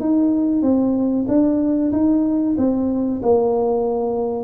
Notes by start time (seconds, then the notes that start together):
0.00 D#4
0.62 C4
1.28 D4
1.92 D#4
2.58 C4
3.22 A#3